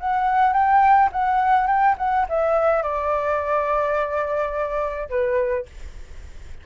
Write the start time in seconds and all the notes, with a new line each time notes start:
0.00 F#5
0.53 G5
1.12 F#5
1.67 G5
1.98 F#5
2.30 E5
2.83 D5
5.10 B4